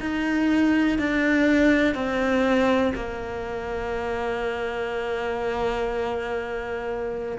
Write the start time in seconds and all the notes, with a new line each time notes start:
0.00 D#4
0.99 D4
1.95 C4
2.95 A#3